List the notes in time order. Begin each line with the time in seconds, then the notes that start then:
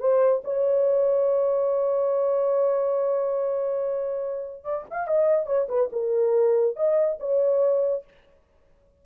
0.00 C5
0.44 C#5
4.64 D5
4.91 F5
5.07 D#5
5.46 C#5
5.69 B4
5.92 A#4
6.76 D#5
7.20 C#5